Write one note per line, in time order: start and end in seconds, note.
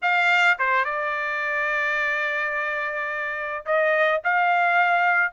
0.02 0.58 F5
0.58 0.85 C5
0.85 3.65 D5
3.65 4.21 D#5
4.24 5.32 F5